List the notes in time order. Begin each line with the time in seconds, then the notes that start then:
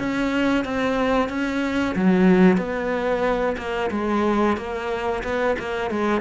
0.00 C#4
0.65 C4
1.29 C#4
1.96 F#3
2.58 B3
3.58 A#3
3.92 G#3
4.57 A#3
5.24 B3
5.60 A#3
5.91 G#3